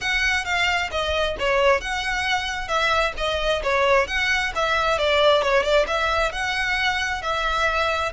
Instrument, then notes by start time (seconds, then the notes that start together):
violin
0.00 F#5
0.44 F5
0.91 D#5
1.39 C#5
1.80 F#5
2.67 E5
3.17 D#5
3.63 C#5
4.07 F#5
4.55 E5
4.98 D5
5.42 C#5
5.63 D5
5.87 E5
6.32 F#5
7.22 E5